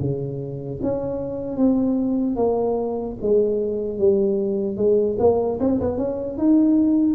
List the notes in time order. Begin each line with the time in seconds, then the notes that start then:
0.00 C#3
0.82 C#4
1.57 C4
2.36 A#3
3.21 G#3
3.98 G3
4.77 G#3
5.19 A#3
5.60 C4
5.80 B3
5.97 C#4
6.37 D#4